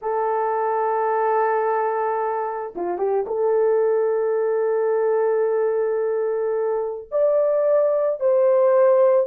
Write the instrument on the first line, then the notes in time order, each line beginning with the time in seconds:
horn
0.01 A4
2.75 F4
2.98 G4
3.27 A4
7.11 D5
8.20 C5